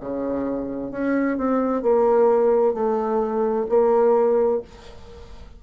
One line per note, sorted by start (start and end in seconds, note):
0.00 0.91 C#3
0.91 1.37 C#4
1.37 1.82 C4
1.82 2.74 A#3
2.74 3.66 A3
3.69 4.61 A#3